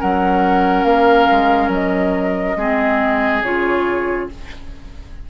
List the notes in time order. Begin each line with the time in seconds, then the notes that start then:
0.00 F#3 C#4 A#4 F#5
0.84 A#3 F5
1.31 G#3
1.68 F#3 D#5
2.56 G#3 C4 G#4
3.43 C#3 F4 C#5